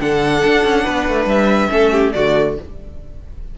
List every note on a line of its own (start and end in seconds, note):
0.00 0.43 D3
0.00 1.69 D4
0.00 0.83 A4
0.00 1.28 F#5
0.45 0.63 D4
0.63 0.85 C#4
0.83 1.08 B3
0.83 1.69 B4
1.08 1.25 A3
1.25 1.68 G3
1.25 2.12 E5
1.69 2.14 A3
1.69 2.12 C#4
1.69 1.92 A4
1.92 2.13 G4
2.12 2.58 D3
2.12 2.57 A3
2.12 2.58 F#4
2.12 2.55 D5